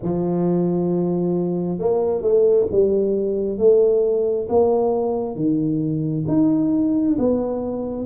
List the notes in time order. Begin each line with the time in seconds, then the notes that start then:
0.02 F3
1.78 A#3
2.21 A3
2.71 G3
3.57 A3
4.49 A#3
5.35 D#3
6.27 D#4
7.18 B3